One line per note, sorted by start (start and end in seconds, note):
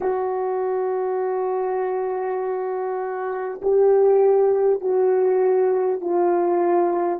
0.00 3.60 F#4
3.62 4.81 G4
4.81 6.01 F#4
6.01 7.19 F4